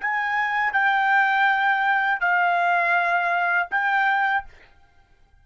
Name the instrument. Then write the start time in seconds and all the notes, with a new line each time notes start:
trumpet
0.00 G#5
0.72 G5
2.20 F5
3.70 G5